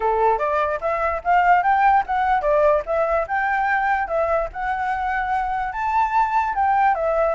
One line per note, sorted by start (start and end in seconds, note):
0.00 0.38 A4
0.38 0.79 D5
0.81 1.21 E5
1.24 1.62 F5
1.62 2.03 G5
2.06 2.41 F#5
2.41 2.82 D5
2.86 3.27 E5
3.27 4.07 G5
4.07 4.48 E5
4.52 5.72 F#5
5.72 6.54 A5
6.54 6.94 G5
6.94 7.35 E5